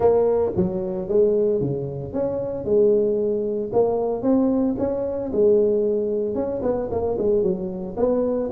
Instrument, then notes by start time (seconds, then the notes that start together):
tuba
0.00 A#3
0.56 F#3
1.08 G#3
1.60 C#3
2.13 C#4
2.65 G#3
3.72 A#3
4.22 C4
4.78 C#4
5.32 G#3
6.34 C#4
6.62 B3
6.90 A#3
7.18 G#3
7.42 F#3
7.96 B3